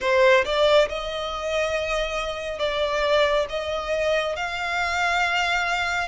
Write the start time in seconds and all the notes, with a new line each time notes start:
0.00 C5
0.44 D5
0.89 D#5
2.58 D5
3.49 D#5
4.36 F5